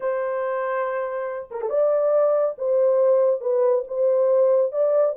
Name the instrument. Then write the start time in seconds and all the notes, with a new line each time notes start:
horn
0.00 C5
1.51 A#4
1.61 A4
1.69 D5
2.58 C5
3.40 B4
3.87 C5
4.72 D5